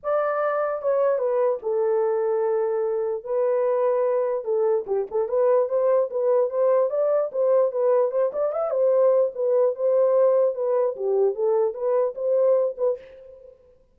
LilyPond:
\new Staff \with { instrumentName = "horn" } { \time 4/4 \tempo 4 = 148 d''2 cis''4 b'4 | a'1 | b'2. a'4 | g'8 a'8 b'4 c''4 b'4 |
c''4 d''4 c''4 b'4 | c''8 d''8 e''8 c''4. b'4 | c''2 b'4 g'4 | a'4 b'4 c''4. b'8 | }